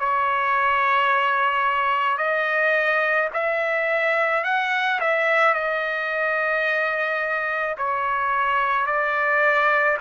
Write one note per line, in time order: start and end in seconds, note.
0.00 2.18 C#5
2.18 3.29 D#5
3.34 4.44 E5
4.44 5.00 F#5
5.01 5.55 E5
5.55 7.77 D#5
7.78 8.87 C#5
8.87 9.98 D5